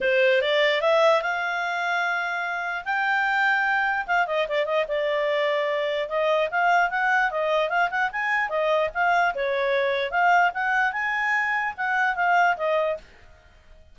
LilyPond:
\new Staff \with { instrumentName = "clarinet" } { \time 4/4 \tempo 4 = 148 c''4 d''4 e''4 f''4~ | f''2. g''4~ | g''2 f''8 dis''8 d''8 dis''8 | d''2. dis''4 |
f''4 fis''4 dis''4 f''8 fis''8 | gis''4 dis''4 f''4 cis''4~ | cis''4 f''4 fis''4 gis''4~ | gis''4 fis''4 f''4 dis''4 | }